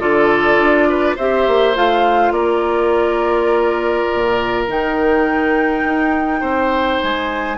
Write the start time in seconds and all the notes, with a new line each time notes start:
0.00 D3 F4 A4 D5
0.58 D4
0.89 B4
1.16 C4 G4 C5 E5
1.48 A#3
1.75 A3 F4 F5
2.31 A#3 A#4 D5
4.14 A#2
4.67 D#3 D#4 G5
5.84 D#4
6.41 C4 C5
7.03 G#3 G#5